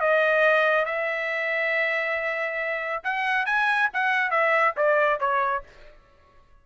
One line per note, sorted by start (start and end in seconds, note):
0.00 0.85 D#5
0.85 3.03 E5
3.04 3.46 F#5
3.46 3.89 G#5
3.93 4.31 F#5
4.31 4.74 E5
4.77 5.20 D5
5.20 5.63 C#5